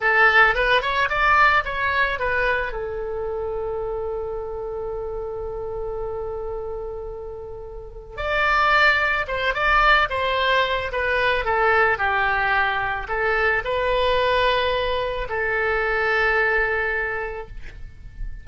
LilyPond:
\new Staff \with { instrumentName = "oboe" } { \time 4/4 \tempo 4 = 110 a'4 b'8 cis''8 d''4 cis''4 | b'4 a'2.~ | a'1~ | a'2. d''4~ |
d''4 c''8 d''4 c''4. | b'4 a'4 g'2 | a'4 b'2. | a'1 | }